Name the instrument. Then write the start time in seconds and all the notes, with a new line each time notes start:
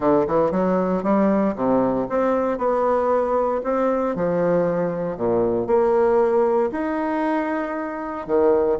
bassoon
0.00 D3
0.27 E3
0.51 F#3
1.03 G3
1.55 C3
2.09 C4
2.58 B3
3.63 C4
4.15 F3
5.17 A#2
5.66 A#3
6.71 D#4
8.26 D#3